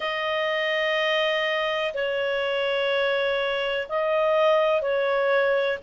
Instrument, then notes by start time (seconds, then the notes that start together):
clarinet
0.00 D#5
1.94 C#5
3.88 D#5
4.81 C#5